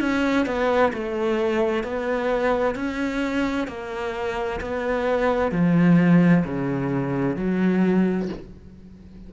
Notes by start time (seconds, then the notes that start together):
0.00 C#4
0.46 B3
0.93 A3
1.84 B3
2.75 C#4
3.68 A#3
4.61 B3
5.52 F3
6.45 C#3
7.37 F#3